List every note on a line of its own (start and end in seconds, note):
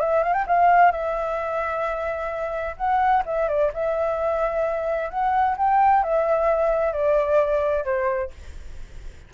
0.00 0.23 E5
0.23 0.33 F5
0.33 0.45 G5
0.47 0.91 F5
0.91 2.76 E5
2.77 3.23 F#5
3.26 3.48 E5
3.48 3.72 D5
3.73 5.10 E5
5.10 5.56 F#5
5.57 6.03 G5
6.03 6.93 E5
6.93 7.84 D5
7.84 8.30 C5